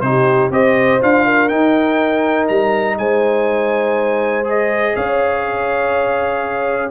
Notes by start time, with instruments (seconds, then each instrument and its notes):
0.00 tuba C3, trombone D#4, horn G4, trumpet C5
0.50 tuba C4, trombone G4, horn C5, trumpet D#5
1.01 tuba D4, trombone F4, trumpet F5
1.25 horn A#4
1.49 trombone D#4, tuba D#4, trumpet G5
2.48 tuba G3, trumpet A#5
2.98 tuba G#3, horn C5, trumpet G#5
4.44 trombone G#4, trumpet D#5
4.95 tuba C#4, horn C#5, trumpet F5